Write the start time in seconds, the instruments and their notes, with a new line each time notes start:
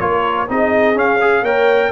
0.00 tuba A#3, trombone F4, horn A#4, trumpet C#5
0.48 tuba C4, trombone D#4, horn G#4, trumpet D#5
0.95 trombone C#4, tuba C#4, trumpet F5
1.21 trombone G#4
1.42 tuba A#3, trombone A#4, horn C#5, trumpet G5